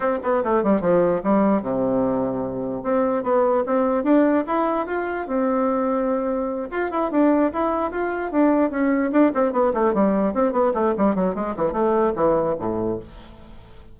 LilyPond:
\new Staff \with { instrumentName = "bassoon" } { \time 4/4 \tempo 4 = 148 c'8 b8 a8 g8 f4 g4 | c2. c'4 | b4 c'4 d'4 e'4 | f'4 c'2.~ |
c'8 f'8 e'8 d'4 e'4 f'8~ | f'8 d'4 cis'4 d'8 c'8 b8 | a8 g4 c'8 b8 a8 g8 fis8 | gis8 e8 a4 e4 a,4 | }